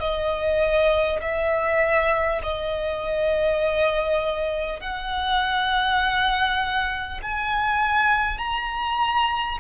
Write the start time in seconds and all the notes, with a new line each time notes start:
0.00 D#5
1.22 E5
2.43 D#5
4.81 F#5
7.23 G#5
8.38 A#5